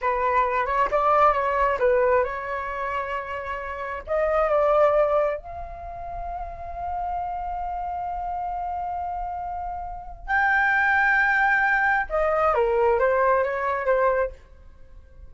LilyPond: \new Staff \with { instrumentName = "flute" } { \time 4/4 \tempo 4 = 134 b'4. cis''8 d''4 cis''4 | b'4 cis''2.~ | cis''4 dis''4 d''2 | f''1~ |
f''1~ | f''2. g''4~ | g''2. dis''4 | ais'4 c''4 cis''4 c''4 | }